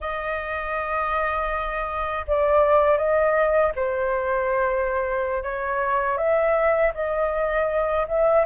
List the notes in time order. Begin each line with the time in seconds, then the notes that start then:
0.00 D#5
2.27 D5
2.97 D#5
3.75 C5
5.43 C#5
6.17 E5
6.94 D#5
8.08 E5